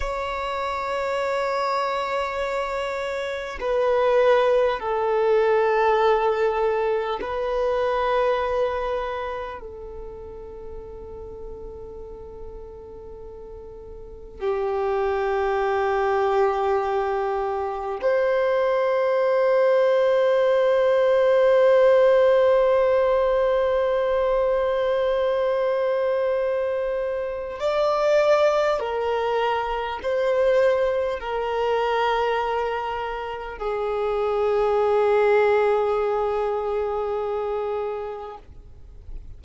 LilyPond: \new Staff \with { instrumentName = "violin" } { \time 4/4 \tempo 4 = 50 cis''2. b'4 | a'2 b'2 | a'1 | g'2. c''4~ |
c''1~ | c''2. d''4 | ais'4 c''4 ais'2 | gis'1 | }